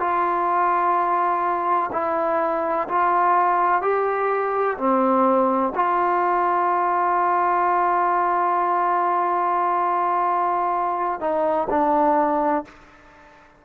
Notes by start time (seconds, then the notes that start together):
0.00 F4
1.93 E4
2.88 F4
3.82 G4
4.78 C4
5.75 F4
11.20 D#4
11.70 D4